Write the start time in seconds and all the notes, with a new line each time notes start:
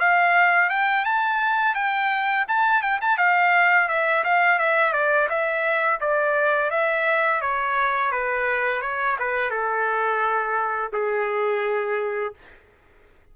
0.00 F5
0.70 G5
1.05 A5
1.75 G5
2.49 A5
2.82 G5
3.02 A5
3.18 F5
3.89 E5
4.24 F5
4.59 E5
4.93 D5
5.30 E5
6.01 D5
6.71 E5
7.41 C#5
8.12 B4
8.82 C#5
9.20 B4
9.51 A4
10.93 G#4